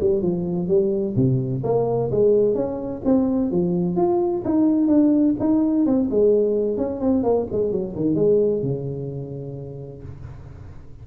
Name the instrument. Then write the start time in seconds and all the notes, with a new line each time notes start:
tuba
0.00 G3
0.22 F3
0.68 G3
1.15 C3
1.63 A#3
2.11 G#3
2.54 C#4
3.04 C4
3.51 F3
3.96 F4
4.45 D#4
4.87 D4
5.39 D#4
5.86 C4
6.10 G#3
6.77 C#4
7.00 C4
7.23 A#3
7.51 G#3
7.71 F#3
7.95 D#3
8.15 G#3
8.62 C#3